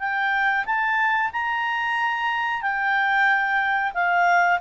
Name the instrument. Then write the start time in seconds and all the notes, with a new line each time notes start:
clarinet
0.00 G5
0.66 A5
1.33 A#5
2.63 G5
3.95 F5